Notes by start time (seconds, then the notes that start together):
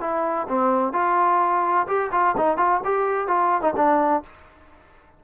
0.00 E4
0.48 C4
0.93 F4
1.87 G4
2.11 F4
2.37 D#4
2.57 F4
2.84 G4
3.27 F4
3.61 D#4
3.76 D4